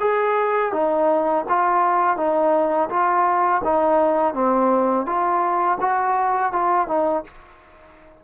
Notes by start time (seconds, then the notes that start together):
0.00 G#4
0.72 D#4
1.49 F4
2.17 D#4
2.89 F4
3.64 D#4
4.34 C4
5.06 F4
5.80 F#4
6.52 F4
6.87 D#4